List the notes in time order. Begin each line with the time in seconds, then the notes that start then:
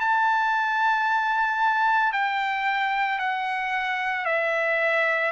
0.00 A5
2.13 G5
3.19 F#5
4.25 E5